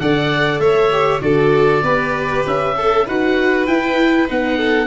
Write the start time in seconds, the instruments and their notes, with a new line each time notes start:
0.00 tuba D3, viola A4, violin D5, oboe F#5
0.59 tuba A3, violin C#5, oboe E5
0.92 viola G4
1.21 tuba D3, viola F#4, violin A4, oboe D5
1.83 tuba B3, viola G4, violin B4
2.47 tuba C#4, oboe E5
2.77 violin A4, viola A4
3.06 tuba D#4, viola F#4, violin B4, oboe F#5
3.67 viola E4, tuba E4, oboe G5
4.28 tuba B3, viola D#4, oboe F#5
4.57 violin A4